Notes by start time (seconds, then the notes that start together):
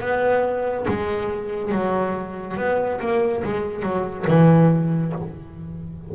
0.00 B3
0.88 G#3
1.71 F#3
2.57 B3
3.00 A#3
3.44 G#3
3.82 F#3
4.27 E3